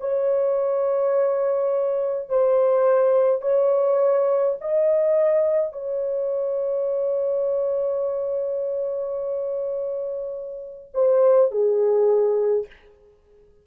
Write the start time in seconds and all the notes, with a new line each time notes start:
0.00 C#5
2.29 C5
3.41 C#5
4.60 D#5
5.72 C#5
10.94 C5
11.51 G#4